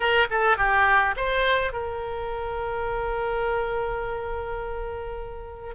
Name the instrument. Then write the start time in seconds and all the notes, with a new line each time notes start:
oboe
0.00 A#4
0.30 A4
0.57 G4
1.16 C5
1.73 A#4